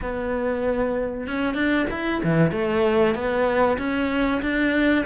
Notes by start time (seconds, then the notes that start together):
0.01 B3
1.27 C#4
1.54 D4
1.90 E4
2.23 E3
2.51 A3
3.14 B3
3.78 C#4
4.42 D4